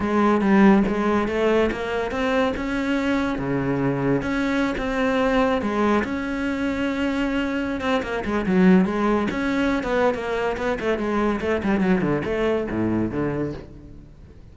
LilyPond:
\new Staff \with { instrumentName = "cello" } { \time 4/4 \tempo 4 = 142 gis4 g4 gis4 a4 | ais4 c'4 cis'2 | cis2 cis'4~ cis'16 c'8.~ | c'4~ c'16 gis4 cis'4.~ cis'16~ |
cis'2~ cis'8 c'8 ais8 gis8 | fis4 gis4 cis'4~ cis'16 b8. | ais4 b8 a8 gis4 a8 g8 | fis8 d8 a4 a,4 d4 | }